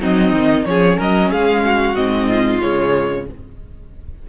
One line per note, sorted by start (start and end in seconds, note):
0.00 0.33 F#3
0.00 0.66 C4
0.00 0.67 D#4
0.00 0.65 D#5
0.33 0.65 D#3
0.65 0.99 F3
0.65 1.96 C#4
0.65 0.98 G#4
0.65 0.98 C#5
0.98 1.32 F#3
0.98 1.30 A#4
0.98 1.32 D#5
1.31 1.96 G#3
1.31 1.64 G#4
1.31 1.96 F5
1.65 2.29 F#4
1.96 2.62 G#2
1.96 2.61 C4
1.96 2.61 D#5
2.29 3.27 F4
2.62 3.30 C#3
2.62 3.27 G#3
2.62 3.27 C#5